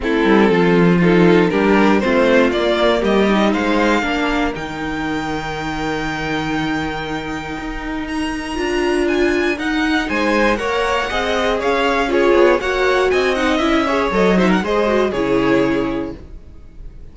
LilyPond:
<<
  \new Staff \with { instrumentName = "violin" } { \time 4/4 \tempo 4 = 119 a'2 f'4 ais'4 | c''4 d''4 dis''4 f''4~ | f''4 g''2.~ | g''1 |
ais''2 gis''4 fis''4 | gis''4 fis''2 f''4 | cis''4 fis''4 gis''8 fis''8 e''4 | dis''8 e''16 fis''16 dis''4 cis''2 | }
  \new Staff \with { instrumentName = "violin" } { \time 4/4 e'4 f'4 a'4 g'4 | f'2 g'4 c''4 | ais'1~ | ais'1~ |
ais'1 | c''4 cis''4 dis''4 cis''4 | gis'4 cis''4 dis''4. cis''8~ | cis''8 c''16 ais'16 c''4 gis'2 | }
  \new Staff \with { instrumentName = "viola" } { \time 4/4 c'2 dis'4 d'4 | c'4 ais4. dis'4. | d'4 dis'2.~ | dis'1~ |
dis'4 f'2 dis'4~ | dis'4 ais'4 gis'2 | f'4 fis'4. dis'8 e'8 gis'8 | a'8 dis'8 gis'8 fis'8 e'2 | }
  \new Staff \with { instrumentName = "cello" } { \time 4/4 a8 g8 f2 g4 | a4 ais4 g4 gis4 | ais4 dis2.~ | dis2. dis'4~ |
dis'4 d'2 dis'4 | gis4 ais4 c'4 cis'4~ | cis'8 b8 ais4 c'4 cis'4 | fis4 gis4 cis2 | }
>>